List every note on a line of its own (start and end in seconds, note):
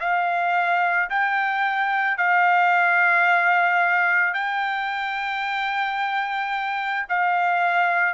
0.00 1.09 F5
1.10 2.17 G5
2.17 4.33 F5
4.33 7.06 G5
7.09 8.14 F5